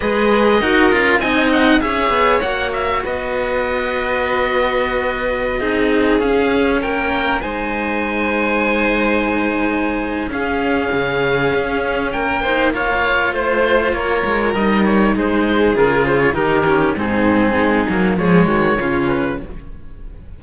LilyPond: <<
  \new Staff \with { instrumentName = "oboe" } { \time 4/4 \tempo 4 = 99 dis''2 gis''8 fis''8 e''4 | fis''8 e''8 dis''2.~ | dis''2~ dis''16 f''4 g''8.~ | g''16 gis''2.~ gis''8.~ |
gis''4 f''2. | g''4 f''4 c''4 cis''4 | dis''8 cis''8 c''4 ais'8 c''16 cis''16 ais'4 | gis'2 cis''4. b'8 | }
  \new Staff \with { instrumentName = "violin" } { \time 4/4 b'4 ais'4 dis''4 cis''4~ | cis''4 b'2.~ | b'4~ b'16 gis'2 ais'8.~ | ais'16 c''2.~ c''8.~ |
c''4 gis'2. | ais'8 c''8 cis''4 c''4 ais'4~ | ais'4 gis'2 g'4 | dis'2 gis'8 fis'8 f'4 | }
  \new Staff \with { instrumentName = "cello" } { \time 4/4 gis'4 fis'8 f'8 dis'4 gis'4 | fis'1~ | fis'4~ fis'16 dis'4 cis'4.~ cis'16~ | cis'16 dis'2.~ dis'8.~ |
dis'4 cis'2.~ | cis'8 dis'8 f'2. | dis'2 f'4 dis'8 cis'8 | c'4. ais8 gis4 cis'4 | }
  \new Staff \with { instrumentName = "cello" } { \time 4/4 gis4 dis'8 cis'8 c'4 cis'8 b8 | ais4 b2.~ | b4~ b16 c'4 cis'4 ais8.~ | ais16 gis2.~ gis8.~ |
gis4 cis'4 cis4 cis'4 | ais2 a4 ais8 gis8 | g4 gis4 cis4 dis4 | gis,4 gis8 fis8 f8 dis8 cis4 | }
>>